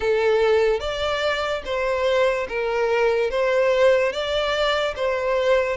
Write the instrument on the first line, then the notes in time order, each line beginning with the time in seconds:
violin
0.00 A4
0.80 D5
1.65 C5
2.48 A#4
3.30 C5
4.12 D5
4.96 C5